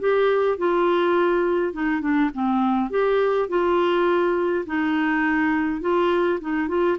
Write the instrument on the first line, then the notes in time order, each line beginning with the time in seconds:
clarinet
0.00 G4
0.58 F4
1.73 D#4
2.01 D4
2.34 C4
2.90 G4
3.49 F4
4.66 D#4
5.81 F4
6.41 D#4
6.68 F4